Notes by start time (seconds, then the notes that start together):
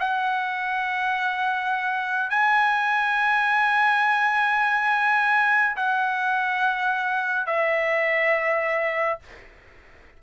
0.00 F#5
2.30 G#5
5.76 F#5
7.47 E5